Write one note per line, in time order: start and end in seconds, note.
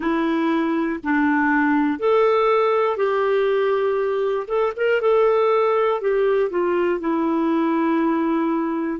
0.00 1.00 E4
1.03 1.99 D4
1.99 2.96 A4
2.96 4.46 G4
4.47 4.72 A4
4.76 5.01 A#4
5.01 6.00 A4
6.00 6.50 G4
6.50 7.00 F4
7.00 9.00 E4